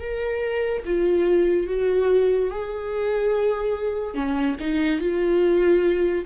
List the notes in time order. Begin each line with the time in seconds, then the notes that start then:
0.00 A#4
0.85 F4
1.67 F#4
2.51 G#4
4.14 C#4
4.60 D#4
5.00 F4